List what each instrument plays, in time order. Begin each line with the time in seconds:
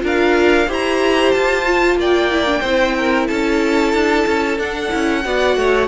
0.00 cello D4, viola F4, violin A#4
0.07 violin F5
0.67 cello E4, viola G4, violin C5 A#5
1.32 cello F4, violin A5
1.66 viola F4
1.96 cello A#3, violin D5 G5
2.31 viola E4
2.46 viola D4
2.61 cello C4, viola E4, violin C5
2.97 violin A#4
3.28 cello C#4, violin A4 A5
3.93 cello D4
4.27 cello C#4
4.59 cello D4, viola D4, violin F#5
4.90 cello C#4, viola E4
5.24 cello B3, viola F#4, violin D5
5.56 cello A3, violin C#5